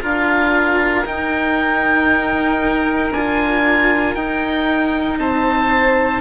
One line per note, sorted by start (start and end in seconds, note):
0.00 1.05 D4
0.00 1.03 F4
0.00 5.19 A#4
0.00 1.06 F5
1.05 3.10 D#4
1.05 3.12 D#4
1.05 3.12 G5
3.10 4.14 D4
3.10 4.16 F4
3.10 4.14 G#5
4.14 5.18 D#4
4.14 6.21 D#4
4.14 5.18 G5
5.18 6.21 C4
5.18 6.21 C5
5.18 6.21 A5